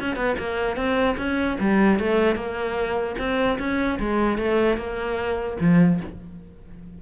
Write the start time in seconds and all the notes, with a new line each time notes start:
0.00 C#4
0.16 B3
0.38 A#3
0.76 C4
1.17 C#4
1.60 G3
1.99 A3
2.36 A#3
3.19 C4
3.59 C#4
3.99 G#3
4.38 A3
4.77 A#3
5.61 F3